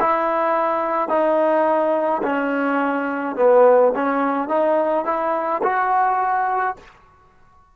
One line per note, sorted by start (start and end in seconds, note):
0.00 1.09 E4
1.09 2.22 D#4
2.23 3.36 C#4
3.36 3.93 B3
3.95 4.48 C#4
4.48 5.05 D#4
5.05 5.62 E4
5.63 6.76 F#4